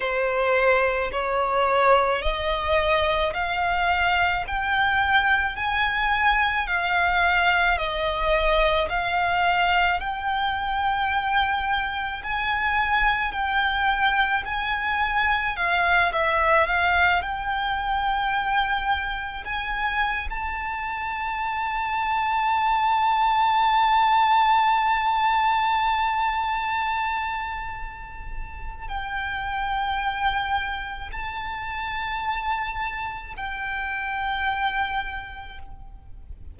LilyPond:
\new Staff \with { instrumentName = "violin" } { \time 4/4 \tempo 4 = 54 c''4 cis''4 dis''4 f''4 | g''4 gis''4 f''4 dis''4 | f''4 g''2 gis''4 | g''4 gis''4 f''8 e''8 f''8 g''8~ |
g''4. gis''8. a''4.~ a''16~ | a''1~ | a''2 g''2 | a''2 g''2 | }